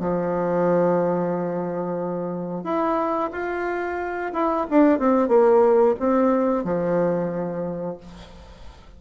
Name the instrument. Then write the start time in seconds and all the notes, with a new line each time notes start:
bassoon
0.00 F3
2.64 E4
3.32 F4
4.34 E4
4.71 D4
4.99 C4
5.28 A#3
6.00 C4
6.64 F3